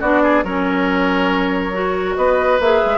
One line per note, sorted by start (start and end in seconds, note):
0.00 0.43 B3
0.00 0.45 D4
0.00 0.22 F#4
0.00 0.44 D5
0.23 0.44 G#4
0.43 2.16 F#3
0.43 1.72 C#4
0.43 2.17 A#4
0.43 2.16 C#5
1.72 2.58 F#4
2.16 2.59 B3
2.16 2.98 B4
2.16 2.59 D#5
2.59 2.81 A#3
2.59 2.98 G#4
2.59 2.98 E5
2.85 2.98 G#3